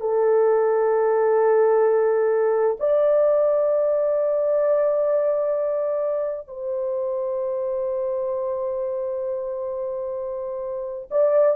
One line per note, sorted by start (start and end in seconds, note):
0.00 2.77 A4
2.79 6.47 D5
6.47 11.09 C5
11.11 11.56 D5